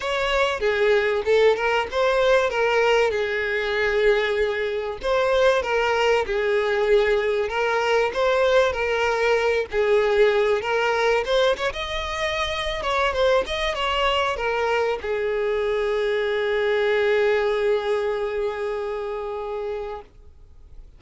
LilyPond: \new Staff \with { instrumentName = "violin" } { \time 4/4 \tempo 4 = 96 cis''4 gis'4 a'8 ais'8 c''4 | ais'4 gis'2. | c''4 ais'4 gis'2 | ais'4 c''4 ais'4. gis'8~ |
gis'4 ais'4 c''8 cis''16 dis''4~ dis''16~ | dis''8 cis''8 c''8 dis''8 cis''4 ais'4 | gis'1~ | gis'1 | }